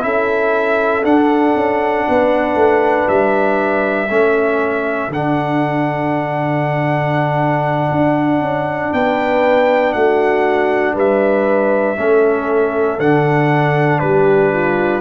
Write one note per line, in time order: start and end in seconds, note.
0.00 1.03 C#4
0.00 1.02 E4
0.00 2.08 A4
0.00 1.04 E5
1.03 4.08 D4
1.03 1.54 D4
1.03 3.08 F#5
1.55 2.06 C#4
2.08 2.55 B3
2.08 4.10 B4
2.55 3.06 A3
3.08 4.09 G3
3.08 5.11 E5
4.09 5.09 A3
4.09 5.11 C#4
4.09 8.92 A4
5.09 7.88 D3
5.09 11.97 D4
5.09 8.93 F#5
7.91 8.40 D4
8.40 8.91 C#4
8.92 9.94 B3
8.92 9.94 B4
8.92 9.92 G5
9.92 10.95 A3
9.92 10.94 F#4
9.92 10.94 F#5
10.94 11.96 G3
10.94 11.96 B4
10.94 12.99 E5
11.97 12.98 A3
11.97 12.99 C#4
11.97 14.02 A4
12.98 14.00 D3
12.98 15.00 D4
12.98 13.99 F#5
13.99 15.00 G3
13.99 14.52 G4
13.99 15.00 B4
14.52 15.00 F4